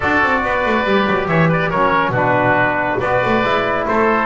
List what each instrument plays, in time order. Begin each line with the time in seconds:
0.00 double bass D4, trombone F#4, oboe A4, trumpet D5
0.22 double bass C4
0.44 double bass B3, oboe B4
0.65 double bass A3
0.84 double bass G3, trombone G4
1.06 double bass F#3
1.28 double bass E3, oboe C#5, trumpet E5
1.48 oboe B4, trumpet D5
1.69 double bass F#3, trombone C#4, oboe A#4, trumpet C#5
2.09 double bass B2, trombone D4, oboe F#4
2.17 trumpet B4
2.99 double bass B3, trombone F#4, oboe B4, trumpet D5
3.25 double bass A3
3.43 double bass G#3, trombone E4
3.87 double bass A3, oboe A4, trumpet C5